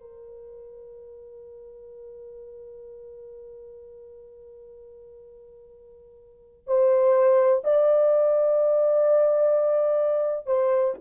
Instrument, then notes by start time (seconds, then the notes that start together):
horn
0.00 A#4
6.67 C5
7.64 D5
10.46 C5